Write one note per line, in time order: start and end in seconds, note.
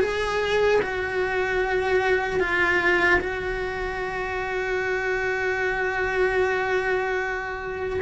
0.00 0.80 G#4
0.81 2.40 F#4
2.40 3.20 F4
3.20 8.00 F#4